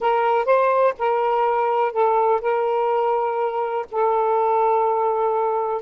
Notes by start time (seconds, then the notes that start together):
0.00 A#4
0.45 C5
0.98 A#4
1.92 A4
2.41 A#4
3.91 A4